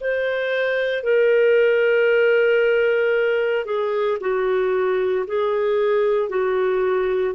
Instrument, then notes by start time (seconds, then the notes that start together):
clarinet
0.00 C5
1.03 A#4
3.65 G#4
4.20 F#4
5.26 G#4
6.29 F#4